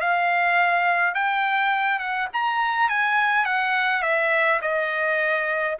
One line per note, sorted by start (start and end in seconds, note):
0.00 1.14 F5
1.14 1.99 G5
1.99 2.28 F#5
2.33 2.89 A#5
2.89 3.45 G#5
3.45 4.02 F#5
4.02 4.59 E5
4.61 5.77 D#5